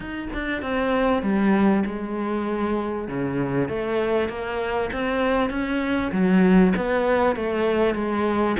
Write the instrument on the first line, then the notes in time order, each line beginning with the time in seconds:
cello
0.00 D#4
0.33 D4
0.62 C4
1.22 G3
1.85 G#3
3.08 C#3
3.68 A3
4.28 A#3
4.93 C4
5.49 C#4
6.12 F#3
6.76 B3
7.36 A3
7.95 G#3